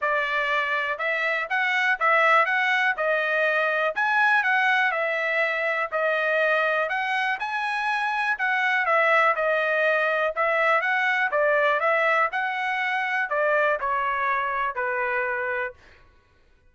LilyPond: \new Staff \with { instrumentName = "trumpet" } { \time 4/4 \tempo 4 = 122 d''2 e''4 fis''4 | e''4 fis''4 dis''2 | gis''4 fis''4 e''2 | dis''2 fis''4 gis''4~ |
gis''4 fis''4 e''4 dis''4~ | dis''4 e''4 fis''4 d''4 | e''4 fis''2 d''4 | cis''2 b'2 | }